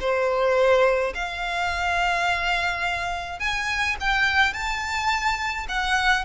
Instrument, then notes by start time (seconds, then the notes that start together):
violin
0.00 C5
1.14 F5
3.39 G#5
4.00 G5
4.53 A5
5.68 F#5